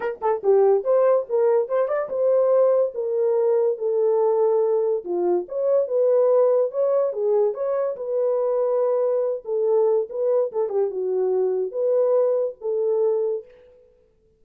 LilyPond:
\new Staff \with { instrumentName = "horn" } { \time 4/4 \tempo 4 = 143 ais'8 a'8 g'4 c''4 ais'4 | c''8 d''8 c''2 ais'4~ | ais'4 a'2. | f'4 cis''4 b'2 |
cis''4 gis'4 cis''4 b'4~ | b'2~ b'8 a'4. | b'4 a'8 g'8 fis'2 | b'2 a'2 | }